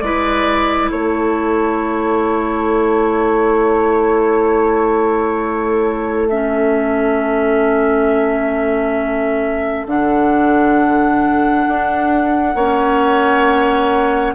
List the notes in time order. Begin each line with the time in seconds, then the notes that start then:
0.00 G#3 E4 B4 D5
0.91 A3 A4 C#5
6.29 C#4 E5
9.86 D3 D4 F#5
11.68 D4
12.55 A#3 C#4 C#5